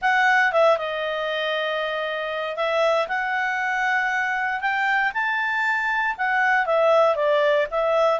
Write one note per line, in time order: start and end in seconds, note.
0.01 0.52 F#5
0.52 0.77 E5
0.77 2.56 D#5
2.56 3.07 E5
3.07 4.60 F#5
4.60 5.11 G5
5.13 6.16 A5
6.17 6.65 F#5
6.65 7.15 E5
7.15 7.66 D5
7.70 8.20 E5